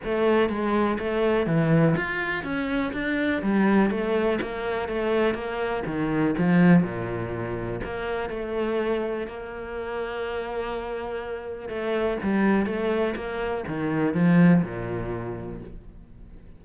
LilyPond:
\new Staff \with { instrumentName = "cello" } { \time 4/4 \tempo 4 = 123 a4 gis4 a4 e4 | f'4 cis'4 d'4 g4 | a4 ais4 a4 ais4 | dis4 f4 ais,2 |
ais4 a2 ais4~ | ais1 | a4 g4 a4 ais4 | dis4 f4 ais,2 | }